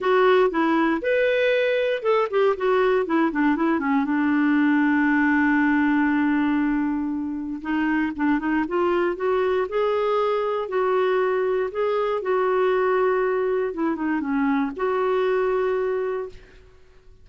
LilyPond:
\new Staff \with { instrumentName = "clarinet" } { \time 4/4 \tempo 4 = 118 fis'4 e'4 b'2 | a'8 g'8 fis'4 e'8 d'8 e'8 cis'8 | d'1~ | d'2. dis'4 |
d'8 dis'8 f'4 fis'4 gis'4~ | gis'4 fis'2 gis'4 | fis'2. e'8 dis'8 | cis'4 fis'2. | }